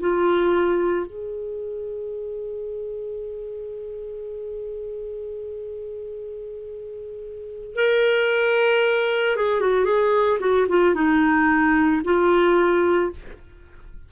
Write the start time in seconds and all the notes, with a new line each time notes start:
0.00 F4
1.06 G#4
7.76 A#4
9.37 G#4
9.60 F#4
9.85 G#4
10.40 F#4
10.69 F4
10.95 D#4
12.04 F4